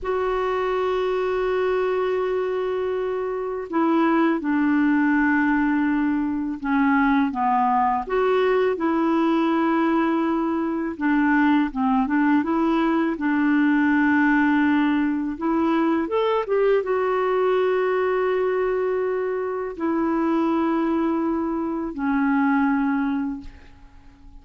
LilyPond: \new Staff \with { instrumentName = "clarinet" } { \time 4/4 \tempo 4 = 82 fis'1~ | fis'4 e'4 d'2~ | d'4 cis'4 b4 fis'4 | e'2. d'4 |
c'8 d'8 e'4 d'2~ | d'4 e'4 a'8 g'8 fis'4~ | fis'2. e'4~ | e'2 cis'2 | }